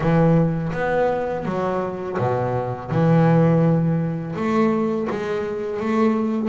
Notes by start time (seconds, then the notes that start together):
0.00 E3
0.72 B3
1.45 F#3
2.18 B2
2.90 E3
4.35 A3
5.10 G#3
5.80 A3